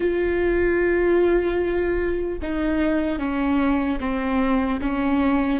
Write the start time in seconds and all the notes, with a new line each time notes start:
0.00 F4
2.42 D#4
3.19 C#4
4.00 C4
4.81 C#4